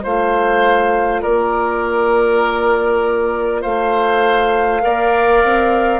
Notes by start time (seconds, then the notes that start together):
0.00 A3 F4 C5 F5
1.22 A#3 A#4 D5
3.61 A3 C5 F5
4.80 A#3 A#4 D5
5.44 C4